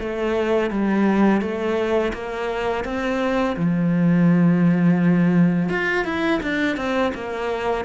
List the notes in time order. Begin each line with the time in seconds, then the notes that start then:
0.00 A3
0.71 G3
1.42 A3
2.14 A#3
2.85 C4
3.57 F3
5.69 F4
6.05 E4
6.43 D4
6.77 C4
7.15 A#3